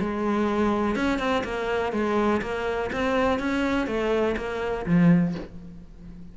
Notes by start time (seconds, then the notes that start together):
0.00 G#3
0.96 C#4
1.19 C4
1.44 A#3
1.93 G#3
2.42 A#3
2.92 C4
3.39 C#4
3.87 A3
4.37 A#3
4.86 F3